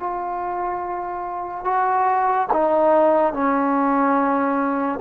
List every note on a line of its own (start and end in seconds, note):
0.00 1.65 F4
1.65 2.48 F#4
2.53 3.33 D#4
3.33 5.00 C#4